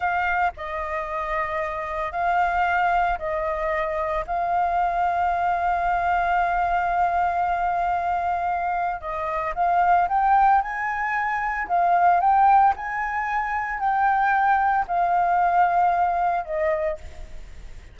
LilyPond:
\new Staff \with { instrumentName = "flute" } { \time 4/4 \tempo 4 = 113 f''4 dis''2. | f''2 dis''2 | f''1~ | f''1~ |
f''4 dis''4 f''4 g''4 | gis''2 f''4 g''4 | gis''2 g''2 | f''2. dis''4 | }